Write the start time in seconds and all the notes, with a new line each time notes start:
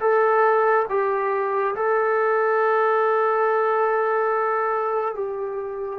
0.00 A4
0.89 G4
1.75 A4
5.15 G4